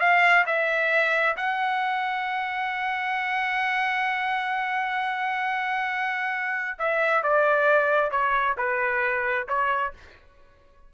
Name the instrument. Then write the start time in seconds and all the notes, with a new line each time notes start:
trumpet
0.00 F5
0.46 E5
1.37 F#5
6.79 E5
7.23 D5
8.11 C#5
8.58 B4
9.48 C#5